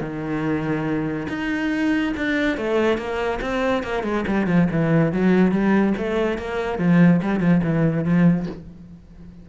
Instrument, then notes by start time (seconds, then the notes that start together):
cello
0.00 D#3
1.28 D#4
2.16 D4
2.57 A3
2.97 A#3
3.41 C4
3.83 A#3
4.03 G#3
4.27 G3
4.46 F3
4.71 E3
5.12 F#3
5.51 G3
5.97 A3
6.38 A#3
6.78 F3
7.22 G3
7.39 F3
7.63 E3
8.04 F3